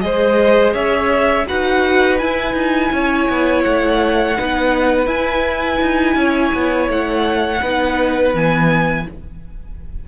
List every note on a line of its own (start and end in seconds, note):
0.00 0.74 G#3
0.00 1.45 G#4
0.00 0.73 C5
0.00 0.73 D#5
0.73 1.46 C#4
0.73 1.46 C#5
0.73 1.46 E5
1.46 2.22 D#4
1.46 2.18 F#4
1.46 2.92 B4
1.46 2.18 F#5
2.18 4.36 E4
2.18 2.53 E4
2.18 3.62 G#5
2.53 2.89 D#4
2.92 3.28 C#4
2.92 4.37 C#5
3.29 3.65 B3
3.63 4.38 A3
3.63 5.07 F#5
4.37 5.06 B3
4.37 5.05 D#4
4.37 6.17 B4
5.05 7.58 E4
5.05 5.78 E4
5.05 6.88 G#5
5.81 6.15 D#4
6.15 6.51 C#4
6.15 7.61 C#5
6.54 6.89 B3
6.89 7.61 A3
6.89 8.35 F#5
7.61 8.33 B3
7.61 8.34 D#4
7.61 9.06 B4
8.33 9.06 E3
8.33 9.06 B3
8.33 9.08 G#5